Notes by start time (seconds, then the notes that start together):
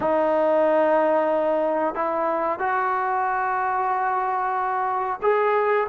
0.00 D#4
1.94 E4
2.59 F#4
5.22 G#4